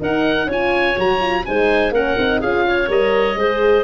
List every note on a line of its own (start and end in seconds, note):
0.00 0.48 D#4
0.00 0.47 D#4
0.00 0.47 A#4
0.00 0.51 F#5
0.47 0.95 C#4
0.47 0.96 F4
0.47 1.43 C#5
0.47 1.00 G#5
0.96 1.46 F#3
0.96 1.20 F#4
0.96 1.46 A#5
1.20 1.44 F4
1.46 1.91 G#3
1.46 1.94 D#4
1.46 1.93 C5
1.46 1.94 G#5
1.91 2.15 A#3
1.91 2.18 C#4
1.91 2.40 A#4
1.91 2.41 F#5
2.18 2.42 C4
2.18 2.42 D#4
2.40 2.89 C#4
2.40 2.88 F4
2.40 2.64 G#4
2.40 2.89 F5
2.67 3.39 C#5
2.88 3.36 G3
2.88 3.36 A#4
2.88 3.84 D#5
3.36 3.84 G#3
3.36 3.84 G#4
3.36 3.84 C5